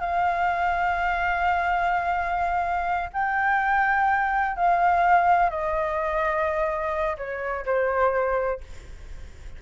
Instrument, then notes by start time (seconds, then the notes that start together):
flute
0.00 F5
3.13 G5
4.56 F5
5.50 D#5
7.17 C#5
7.65 C5